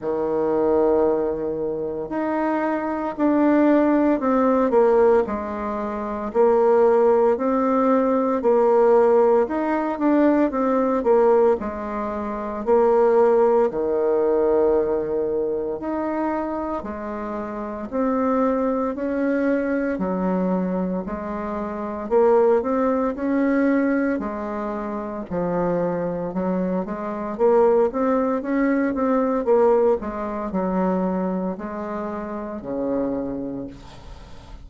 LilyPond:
\new Staff \with { instrumentName = "bassoon" } { \time 4/4 \tempo 4 = 57 dis2 dis'4 d'4 | c'8 ais8 gis4 ais4 c'4 | ais4 dis'8 d'8 c'8 ais8 gis4 | ais4 dis2 dis'4 |
gis4 c'4 cis'4 fis4 | gis4 ais8 c'8 cis'4 gis4 | f4 fis8 gis8 ais8 c'8 cis'8 c'8 | ais8 gis8 fis4 gis4 cis4 | }